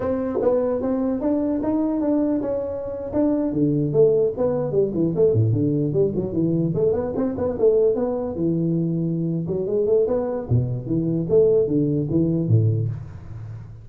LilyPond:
\new Staff \with { instrumentName = "tuba" } { \time 4/4 \tempo 4 = 149 c'4 b4 c'4 d'4 | dis'4 d'4 cis'4.~ cis'16 d'16~ | d'8. d4 a4 b4 g16~ | g16 e8 a8 a,8 d4 g8 fis8 e16~ |
e8. a8 b8 c'8 b8 a4 b16~ | b8. e2~ e8. fis8 | gis8 a8 b4 b,4 e4 | a4 d4 e4 a,4 | }